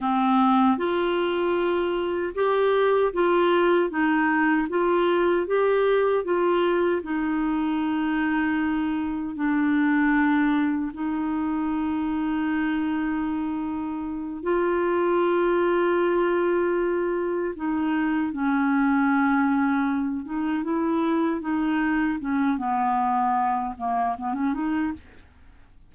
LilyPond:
\new Staff \with { instrumentName = "clarinet" } { \time 4/4 \tempo 4 = 77 c'4 f'2 g'4 | f'4 dis'4 f'4 g'4 | f'4 dis'2. | d'2 dis'2~ |
dis'2~ dis'8 f'4.~ | f'2~ f'8 dis'4 cis'8~ | cis'2 dis'8 e'4 dis'8~ | dis'8 cis'8 b4. ais8 b16 cis'16 dis'8 | }